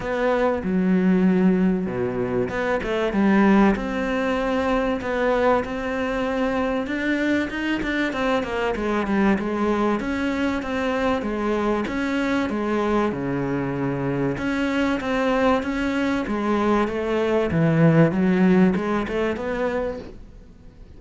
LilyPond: \new Staff \with { instrumentName = "cello" } { \time 4/4 \tempo 4 = 96 b4 fis2 b,4 | b8 a8 g4 c'2 | b4 c'2 d'4 | dis'8 d'8 c'8 ais8 gis8 g8 gis4 |
cis'4 c'4 gis4 cis'4 | gis4 cis2 cis'4 | c'4 cis'4 gis4 a4 | e4 fis4 gis8 a8 b4 | }